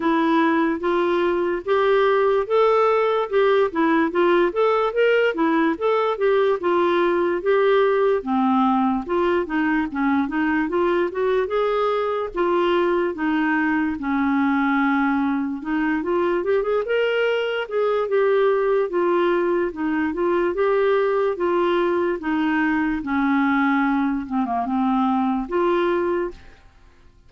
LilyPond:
\new Staff \with { instrumentName = "clarinet" } { \time 4/4 \tempo 4 = 73 e'4 f'4 g'4 a'4 | g'8 e'8 f'8 a'8 ais'8 e'8 a'8 g'8 | f'4 g'4 c'4 f'8 dis'8 | cis'8 dis'8 f'8 fis'8 gis'4 f'4 |
dis'4 cis'2 dis'8 f'8 | g'16 gis'16 ais'4 gis'8 g'4 f'4 | dis'8 f'8 g'4 f'4 dis'4 | cis'4. c'16 ais16 c'4 f'4 | }